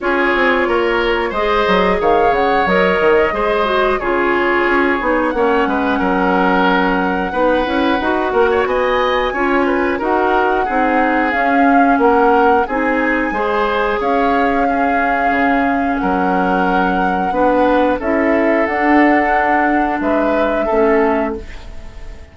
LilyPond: <<
  \new Staff \with { instrumentName = "flute" } { \time 4/4 \tempo 4 = 90 cis''2 dis''4 f''8 fis''8 | dis''2 cis''2 | fis''1~ | fis''4 gis''2 fis''4~ |
fis''4 f''4 fis''4 gis''4~ | gis''4 f''2. | fis''2. e''4 | fis''2 e''2 | }
  \new Staff \with { instrumentName = "oboe" } { \time 4/4 gis'4 ais'4 c''4 cis''4~ | cis''4 c''4 gis'2 | cis''8 b'8 ais'2 b'4~ | b'8 ais'16 cis''16 dis''4 cis''8 b'8 ais'4 |
gis'2 ais'4 gis'4 | c''4 cis''4 gis'2 | ais'2 b'4 a'4~ | a'2 b'4 a'4 | }
  \new Staff \with { instrumentName = "clarinet" } { \time 4/4 f'2 gis'2 | ais'4 gis'8 fis'8 f'4. dis'8 | cis'2. dis'8 e'8 | fis'2 f'4 fis'4 |
dis'4 cis'2 dis'4 | gis'2 cis'2~ | cis'2 d'4 e'4 | d'2. cis'4 | }
  \new Staff \with { instrumentName = "bassoon" } { \time 4/4 cis'8 c'8 ais4 gis8 fis8 dis8 cis8 | fis8 dis8 gis4 cis4 cis'8 b8 | ais8 gis8 fis2 b8 cis'8 | dis'8 ais8 b4 cis'4 dis'4 |
c'4 cis'4 ais4 c'4 | gis4 cis'2 cis4 | fis2 b4 cis'4 | d'2 gis4 a4 | }
>>